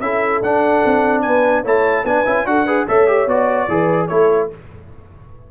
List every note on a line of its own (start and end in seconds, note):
0.00 0.41 C#4
0.00 0.43 E4
0.00 1.23 A4
0.00 0.41 E5
0.41 0.82 D4
0.41 1.64 D4
0.41 1.21 F#5
0.85 1.25 C4
1.21 1.64 B3
1.21 1.62 B4
1.21 1.62 G#5
1.62 2.04 A3
1.62 2.05 E4
1.62 2.03 C#5
1.62 2.05 A5
2.04 2.24 B3
2.04 2.25 D4
2.04 2.48 B4
2.04 2.46 G#5
2.25 2.45 C#4
2.25 2.46 E4
2.45 2.86 D4
2.45 2.66 F#4
2.45 2.65 A4
2.45 2.87 F#5
2.65 2.87 G#4
2.65 2.85 B4
2.87 3.27 A3
2.87 3.07 A4
2.87 3.69 C#5
2.87 3.28 E5
3.07 3.27 G4
3.27 3.67 B3
3.27 3.69 F#4
3.27 4.07 D5
3.68 4.09 E3
3.68 4.09 G#4
3.68 4.08 B4
4.07 4.51 A3
4.07 4.50 E4
4.07 4.48 A4
4.07 4.48 C#5